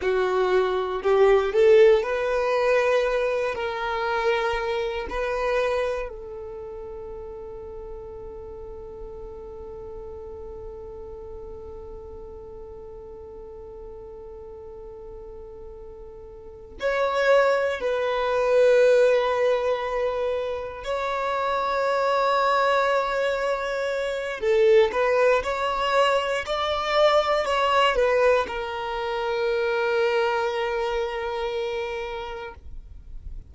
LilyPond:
\new Staff \with { instrumentName = "violin" } { \time 4/4 \tempo 4 = 59 fis'4 g'8 a'8 b'4. ais'8~ | ais'4 b'4 a'2~ | a'1~ | a'1~ |
a'8 cis''4 b'2~ b'8~ | b'8 cis''2.~ cis''8 | a'8 b'8 cis''4 d''4 cis''8 b'8 | ais'1 | }